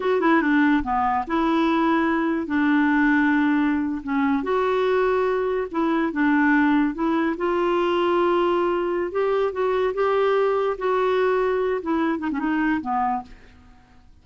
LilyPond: \new Staff \with { instrumentName = "clarinet" } { \time 4/4 \tempo 4 = 145 fis'8 e'8 d'4 b4 e'4~ | e'2 d'2~ | d'4.~ d'16 cis'4 fis'4~ fis'16~ | fis'4.~ fis'16 e'4 d'4~ d'16~ |
d'8. e'4 f'2~ f'16~ | f'2 g'4 fis'4 | g'2 fis'2~ | fis'8 e'4 dis'16 cis'16 dis'4 b4 | }